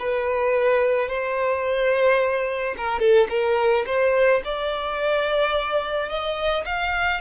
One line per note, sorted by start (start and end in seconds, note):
0.00 1.09 B4
1.09 2.75 C5
2.78 3.00 A#4
3.00 3.28 A4
3.30 3.85 A#4
3.86 4.42 C5
4.45 6.09 D5
6.09 6.65 D#5
6.66 7.21 F5